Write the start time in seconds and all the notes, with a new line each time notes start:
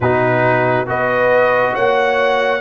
0.00 B2 D#4 F#4 B4
0.86 B3 F#4 B4 D#5
1.73 A#3 C#5 F#5